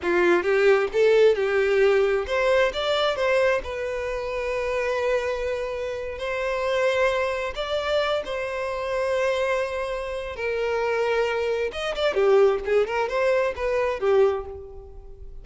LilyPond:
\new Staff \with { instrumentName = "violin" } { \time 4/4 \tempo 4 = 133 f'4 g'4 a'4 g'4~ | g'4 c''4 d''4 c''4 | b'1~ | b'4.~ b'16 c''2~ c''16~ |
c''8. d''4. c''4.~ c''16~ | c''2. ais'4~ | ais'2 dis''8 d''8 g'4 | gis'8 ais'8 c''4 b'4 g'4 | }